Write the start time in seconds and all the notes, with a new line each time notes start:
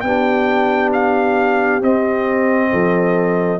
0.00 B3 D4 G4 G5
0.93 F5
1.81 C4 D#5
2.71 F3 A4